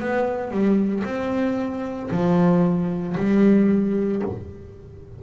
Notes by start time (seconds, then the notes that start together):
0.00 B3
0.51 G3
1.05 C4
2.11 F3
3.17 G3